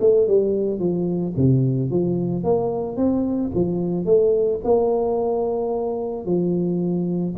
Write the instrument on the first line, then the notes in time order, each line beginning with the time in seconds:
tuba
0.00 A3
0.27 G3
0.79 F3
1.37 C3
1.90 F3
2.44 A#3
2.96 C4
3.55 F3
4.05 A3
4.64 A#3
6.25 F3